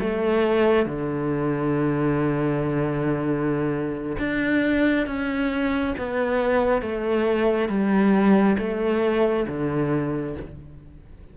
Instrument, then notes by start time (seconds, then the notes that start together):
cello
0.00 A3
0.86 D3
4.19 D4
5.07 C#4
5.98 B3
6.82 A3
7.69 G3
8.58 A3
9.48 D3